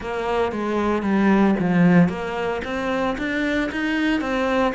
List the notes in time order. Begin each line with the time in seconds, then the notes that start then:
0.00 A#3
0.52 G#3
1.02 G3
1.59 F3
2.08 A#3
2.64 C4
3.17 D4
3.71 D#4
4.20 C4